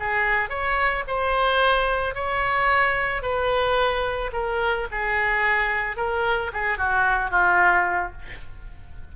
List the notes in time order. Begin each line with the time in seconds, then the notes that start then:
0.00 G#4
0.50 C#5
1.07 C5
2.15 C#5
3.22 B4
4.33 A#4
4.92 G#4
5.97 A#4
6.53 G#4
6.78 F#4
7.30 F4